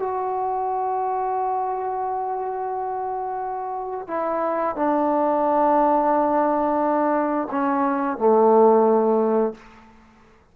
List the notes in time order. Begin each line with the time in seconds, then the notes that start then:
0.00 F#4
4.08 E4
4.76 D4
7.51 C#4
8.18 A3